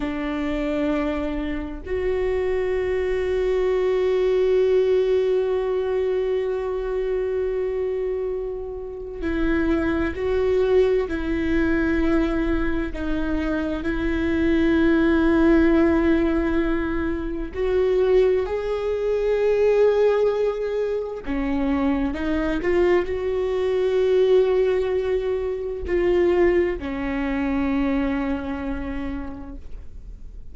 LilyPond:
\new Staff \with { instrumentName = "viola" } { \time 4/4 \tempo 4 = 65 d'2 fis'2~ | fis'1~ | fis'2 e'4 fis'4 | e'2 dis'4 e'4~ |
e'2. fis'4 | gis'2. cis'4 | dis'8 f'8 fis'2. | f'4 cis'2. | }